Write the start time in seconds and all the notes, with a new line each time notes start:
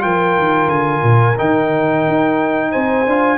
0.00 F3 F4 A#4 G5
0.38 D#3
0.67 D3 G#5
1.03 A#2
1.38 D#3 D#4 G5
2.07 D#4
2.71 C4 C5 G#5
3.07 D4 F4